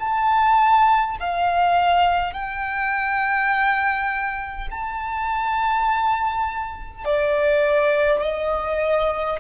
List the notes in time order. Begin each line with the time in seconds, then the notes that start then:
0.00 A5
1.20 F5
2.34 G5
4.71 A5
7.05 D5
8.22 D#5